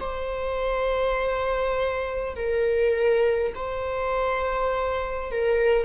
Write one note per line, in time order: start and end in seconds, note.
0.00 2.35 C5
2.35 3.53 A#4
3.55 5.31 C5
5.31 5.85 A#4